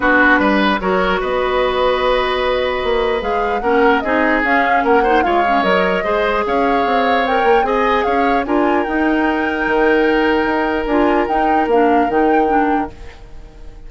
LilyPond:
<<
  \new Staff \with { instrumentName = "flute" } { \time 4/4 \tempo 4 = 149 b'2 cis''4 dis''4~ | dis''1 | f''4 fis''4 dis''4 f''4 | fis''4 f''4 dis''2 |
f''2 g''4 gis''4 | f''4 gis''4 g''2~ | g''2. gis''4 | g''4 f''4 g''2 | }
  \new Staff \with { instrumentName = "oboe" } { \time 4/4 fis'4 b'4 ais'4 b'4~ | b'1~ | b'4 ais'4 gis'2 | ais'8 c''8 cis''2 c''4 |
cis''2. dis''4 | cis''4 ais'2.~ | ais'1~ | ais'1 | }
  \new Staff \with { instrumentName = "clarinet" } { \time 4/4 d'2 fis'2~ | fis'1 | gis'4 cis'4 dis'4 cis'4~ | cis'8 dis'8 f'8 cis'8 ais'4 gis'4~ |
gis'2 ais'4 gis'4~ | gis'4 f'4 dis'2~ | dis'2. f'4 | dis'4 d'4 dis'4 d'4 | }
  \new Staff \with { instrumentName = "bassoon" } { \time 4/4 b4 g4 fis4 b4~ | b2. ais4 | gis4 ais4 c'4 cis'4 | ais4 gis4 fis4 gis4 |
cis'4 c'4. ais8 c'4 | cis'4 d'4 dis'2 | dis2 dis'4 d'4 | dis'4 ais4 dis2 | }
>>